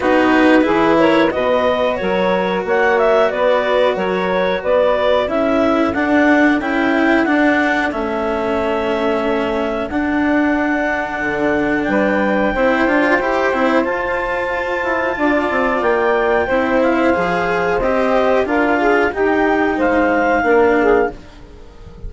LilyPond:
<<
  \new Staff \with { instrumentName = "clarinet" } { \time 4/4 \tempo 4 = 91 b'4. cis''8 dis''4 cis''4 | fis''8 e''8 d''4 cis''4 d''4 | e''4 fis''4 g''4 fis''4 | e''2. fis''4~ |
fis''2 g''2~ | g''4 a''2. | g''4. f''4. dis''4 | f''4 g''4 f''2 | }
  \new Staff \with { instrumentName = "saxophone" } { \time 4/4 fis'4 gis'8 ais'8 b'4 ais'4 | cis''4 b'4 ais'4 b'4 | a'1~ | a'1~ |
a'2 b'4 c''4~ | c''2. d''4~ | d''4 c''2. | ais'8 gis'8 g'4 c''4 ais'8 gis'8 | }
  \new Staff \with { instrumentName = "cello" } { \time 4/4 dis'4 e'4 fis'2~ | fis'1 | e'4 d'4 e'4 d'4 | cis'2. d'4~ |
d'2. e'8 f'8 | g'8 e'8 f'2.~ | f'4 e'4 gis'4 g'4 | f'4 dis'2 d'4 | }
  \new Staff \with { instrumentName = "bassoon" } { \time 4/4 b4 e4 b,4 fis4 | ais4 b4 fis4 b4 | cis'4 d'4 cis'4 d'4 | a2. d'4~ |
d'4 d4 g4 c'8 d'8 | e'8 c'8 f'4. e'8 d'8 c'8 | ais4 c'4 f4 c'4 | d'4 dis'4 gis4 ais4 | }
>>